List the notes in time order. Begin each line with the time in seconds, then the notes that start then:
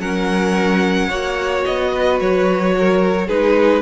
0.00 F#3 C#4 A#4 F#5
1.08 A#3 F#4 C#5
1.65 B3 D#5
1.93 B4
2.20 F#3 C#5
2.78 A#4
3.28 G#3 D#4 G#4 B4